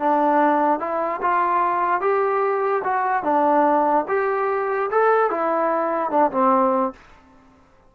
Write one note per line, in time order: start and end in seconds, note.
0.00 0.80 D4
0.80 1.21 E4
1.22 2.01 F4
2.01 2.83 G4
2.84 3.24 F#4
3.24 4.05 D4
4.09 4.90 G4
4.91 5.31 A4
5.31 6.11 E4
6.11 6.31 D4
6.32 6.93 C4